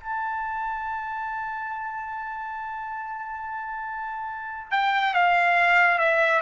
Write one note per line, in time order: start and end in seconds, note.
0.00 4.71 A5
4.71 5.14 G5
5.14 5.99 F5
5.99 6.42 E5